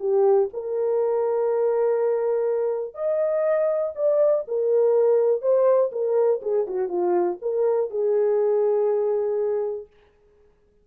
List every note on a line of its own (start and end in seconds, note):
0.00 0.49 G4
0.53 2.95 A#4
2.95 3.93 D#5
3.95 4.45 D5
4.48 5.42 A#4
5.42 5.91 C5
5.92 6.41 A#4
6.42 6.67 G#4
6.68 6.89 F#4
6.89 7.38 F4
7.42 7.90 A#4
7.90 9.87 G#4